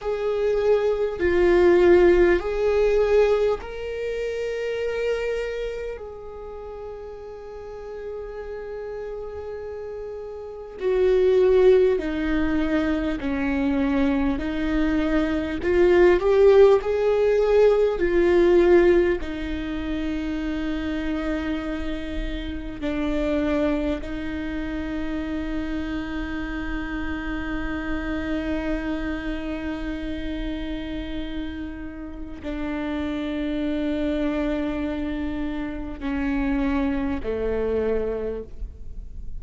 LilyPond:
\new Staff \with { instrumentName = "viola" } { \time 4/4 \tempo 4 = 50 gis'4 f'4 gis'4 ais'4~ | ais'4 gis'2.~ | gis'4 fis'4 dis'4 cis'4 | dis'4 f'8 g'8 gis'4 f'4 |
dis'2. d'4 | dis'1~ | dis'2. d'4~ | d'2 cis'4 a4 | }